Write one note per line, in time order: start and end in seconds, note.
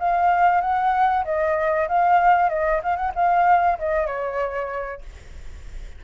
0.00 0.61 F5
0.61 1.25 F#5
1.25 1.88 D#5
1.89 2.50 F5
2.50 2.81 D#5
2.83 2.97 F5
2.97 3.12 F#5
3.16 3.79 F5
3.79 4.07 D#5
4.07 5.02 C#5